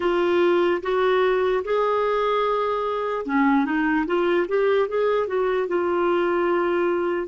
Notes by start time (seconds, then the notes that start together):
0.00 F4
0.82 F#4
1.64 G#4
3.25 C#4
3.65 D#4
4.06 F4
4.48 G4
4.88 G#4
5.27 F#4
5.67 F4